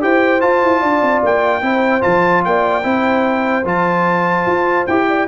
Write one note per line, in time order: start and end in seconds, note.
0.00 0.43 E4
0.00 0.40 G4
0.00 0.80 C5
0.00 0.41 G5
0.40 1.62 F4
0.40 0.62 F4
0.40 1.22 A5
0.62 0.82 E4
0.80 1.02 D4
0.80 1.61 D5
1.02 1.22 C4
1.23 1.62 A#3
1.23 2.02 G5
1.62 2.02 C4
1.62 2.01 E4
1.62 2.44 C5
2.01 2.45 F3
2.01 2.82 F4
2.01 2.43 A5
2.44 2.84 A#3
2.44 2.84 D5
2.44 3.66 G5
2.83 3.64 C4
2.83 3.64 E4
2.83 5.07 C5
3.64 4.45 F3
3.64 4.87 F4
3.64 4.86 A5
4.46 4.86 F4
4.86 5.27 E4
4.86 5.27 G4
4.86 5.27 G5
5.08 5.27 D5